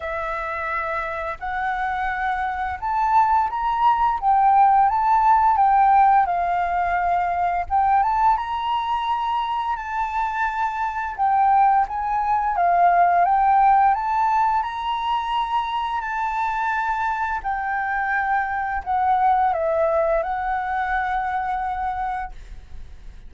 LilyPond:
\new Staff \with { instrumentName = "flute" } { \time 4/4 \tempo 4 = 86 e''2 fis''2 | a''4 ais''4 g''4 a''4 | g''4 f''2 g''8 a''8 | ais''2 a''2 |
g''4 gis''4 f''4 g''4 | a''4 ais''2 a''4~ | a''4 g''2 fis''4 | e''4 fis''2. | }